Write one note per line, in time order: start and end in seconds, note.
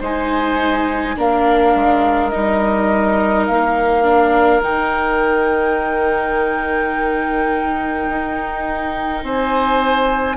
0.00 1.17 G#3
0.00 1.16 D#4
0.00 1.15 C5
0.00 1.19 G#5
1.16 1.75 A#3
1.16 2.32 D4
1.16 9.25 A#4
1.16 2.30 F5
1.75 2.33 G#3
2.30 3.50 G3
2.30 4.04 D#4
2.30 3.46 D#5
3.47 4.62 A#3
3.47 4.62 F5
4.04 4.62 D4
4.62 8.08 D#3
4.62 10.37 D#4
4.62 9.25 G5
8.09 9.24 D#4
9.24 10.37 C4
9.24 10.37 C5
9.24 10.37 G#5